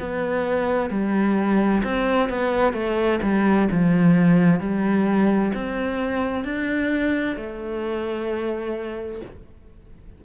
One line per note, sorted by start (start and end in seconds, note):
0.00 0.91 B3
0.91 1.83 G3
1.84 2.30 C4
2.30 2.74 B3
2.74 3.20 A3
3.23 3.69 G3
3.72 4.61 F3
4.61 5.53 G3
5.55 6.45 C4
6.45 7.37 D4
7.37 9.21 A3